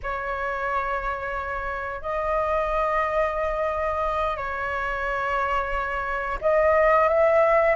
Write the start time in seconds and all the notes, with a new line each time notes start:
0.02 C#5
2.01 D#5
4.36 C#5
6.41 D#5
7.08 E5